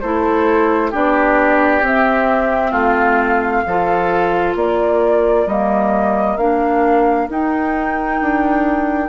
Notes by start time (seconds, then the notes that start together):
0.00 A3 E4 A4 C5
0.91 B3 D4 G4 D5
1.81 C4 E5
2.71 A3 F4 F5
3.66 F3 F4 A4
4.55 A#3 A#4 D5
5.46 G3 A#3 D#5
6.37 A#3 D4 F5
7.29 D#4 G5
8.21 D4